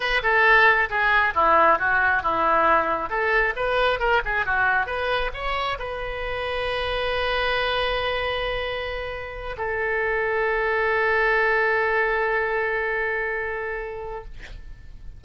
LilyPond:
\new Staff \with { instrumentName = "oboe" } { \time 4/4 \tempo 4 = 135 b'8 a'4. gis'4 e'4 | fis'4 e'2 a'4 | b'4 ais'8 gis'8 fis'4 b'4 | cis''4 b'2.~ |
b'1~ | b'4. a'2~ a'8~ | a'1~ | a'1 | }